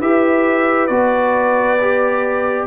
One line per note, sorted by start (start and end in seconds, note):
0.00 0.89 E4
0.00 0.90 G4
0.00 2.67 B4
0.00 0.87 E5
0.87 2.67 B3
0.87 1.80 F#4
0.87 2.66 D5
1.82 2.67 G4